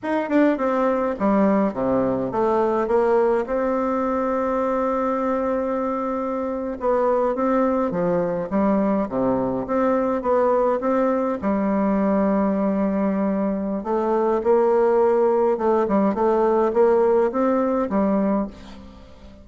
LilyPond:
\new Staff \with { instrumentName = "bassoon" } { \time 4/4 \tempo 4 = 104 dis'8 d'8 c'4 g4 c4 | a4 ais4 c'2~ | c'2.~ c'8. b16~ | b8. c'4 f4 g4 c16~ |
c8. c'4 b4 c'4 g16~ | g1 | a4 ais2 a8 g8 | a4 ais4 c'4 g4 | }